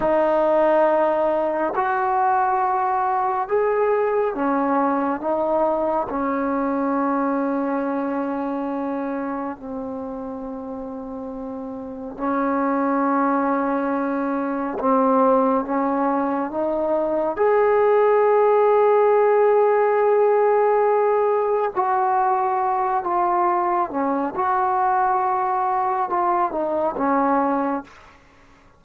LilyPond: \new Staff \with { instrumentName = "trombone" } { \time 4/4 \tempo 4 = 69 dis'2 fis'2 | gis'4 cis'4 dis'4 cis'4~ | cis'2. c'4~ | c'2 cis'2~ |
cis'4 c'4 cis'4 dis'4 | gis'1~ | gis'4 fis'4. f'4 cis'8 | fis'2 f'8 dis'8 cis'4 | }